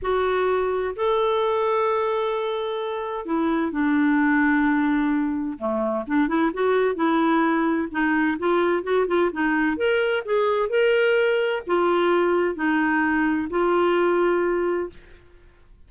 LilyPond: \new Staff \with { instrumentName = "clarinet" } { \time 4/4 \tempo 4 = 129 fis'2 a'2~ | a'2. e'4 | d'1 | a4 d'8 e'8 fis'4 e'4~ |
e'4 dis'4 f'4 fis'8 f'8 | dis'4 ais'4 gis'4 ais'4~ | ais'4 f'2 dis'4~ | dis'4 f'2. | }